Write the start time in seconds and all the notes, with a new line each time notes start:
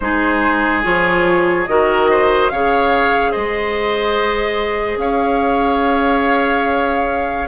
0.00 G#3 D#4 G#4 C5
0.83 F3 F4 C#5
1.66 D#3 F#4 A#4 D#5
2.10 C5
2.49 C#3 G#4 C#5 F5
3.31 G#3 C5 D#5
4.97 C#4 C#5 F5